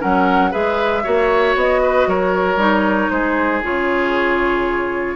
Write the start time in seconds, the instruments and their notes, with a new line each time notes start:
0.00 bassoon F#3, clarinet C#4, oboe A#4, flute F#5
0.51 bassoon G#3, clarinet G#4, oboe B4, flute E5
1.04 bassoon A#3, clarinet F#4, oboe C#5
1.55 bassoon B3, flute D#5
1.83 oboe B4
2.07 bassoon F#3, oboe A#4, flute C#5
2.56 bassoon G3, clarinet D#4
3.10 bassoon G#3, oboe G#4, flute C5
3.63 bassoon C#3, clarinet F4, flute C#5